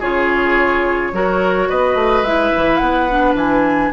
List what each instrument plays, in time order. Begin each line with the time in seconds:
0.00 bassoon C#3, clarinet F4, oboe G#4, flute C#5
1.13 bassoon F#3, clarinet F#4, oboe A#4
1.69 bassoon B3, oboe B4, flute D#5
1.95 bassoon A3
2.23 bassoon G#3, clarinet E4, flute E5
2.57 bassoon E3
2.77 bassoon B3, flute F#5
3.10 clarinet D4
3.35 bassoon E3, flute G#5